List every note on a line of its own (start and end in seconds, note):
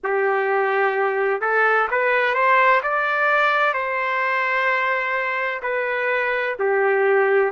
0.03 1.41 G4
1.41 1.87 A4
1.90 2.34 B4
2.34 2.81 C5
2.82 3.73 D5
3.73 5.61 C5
5.62 6.56 B4
6.59 7.51 G4